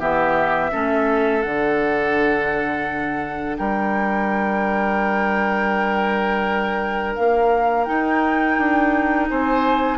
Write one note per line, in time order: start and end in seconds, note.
0.00 0.71 E3
0.00 0.72 B3
0.00 0.71 G4
0.00 1.42 E5
0.72 1.45 A3
0.72 1.43 C#4
0.72 3.58 A4
1.42 3.59 D3
1.42 7.86 D4
1.42 3.57 F#5
3.58 7.16 G3
3.58 9.30 A#4
3.58 7.15 G5
7.15 7.89 A#3
7.15 7.84 F5
7.84 9.99 D#4
7.84 8.58 D#4
7.84 9.27 G5
8.58 9.30 D4
9.30 9.99 C4
9.30 9.99 C5
9.30 9.99 G#5